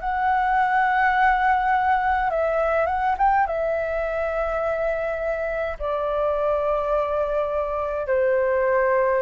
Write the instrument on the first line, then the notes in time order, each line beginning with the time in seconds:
flute
0.00 F#5
2.30 E5
2.86 F#5
3.17 G5
3.46 E5
5.78 D5
8.07 C5